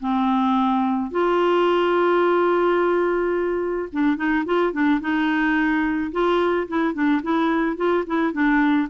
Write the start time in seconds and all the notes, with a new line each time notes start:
0.00 C4
1.11 F4
3.92 D4
4.17 D#4
4.46 F4
4.72 D4
5.01 D#4
6.12 F4
6.68 E4
6.94 D4
7.22 E4
7.77 F4
8.07 E4
8.33 D4